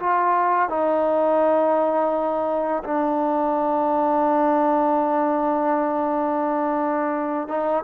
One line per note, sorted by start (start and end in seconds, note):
0.00 0.69 F4
0.69 2.84 D#4
2.84 7.48 D4
7.48 7.84 D#4